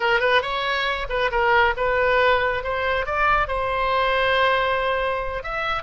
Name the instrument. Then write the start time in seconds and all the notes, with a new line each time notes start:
oboe
0.00 A#4
0.20 B4
0.42 C#5
1.09 B4
1.31 A#4
1.76 B4
2.63 C5
3.06 D5
3.47 C5
5.43 E5